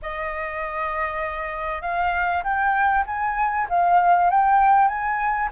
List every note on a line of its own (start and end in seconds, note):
0.01 1.81 D#5
1.81 2.43 F5
2.43 3.04 G5
3.06 3.67 G#5
3.69 4.30 F5
4.30 4.88 G5
4.88 5.49 G#5